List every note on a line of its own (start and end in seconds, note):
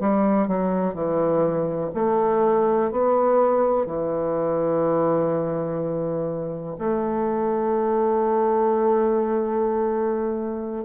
0.00 0.48 G3
0.48 0.94 F#3
0.94 1.90 E3
1.94 2.91 A3
2.91 3.86 B3
3.86 6.77 E3
6.78 10.85 A3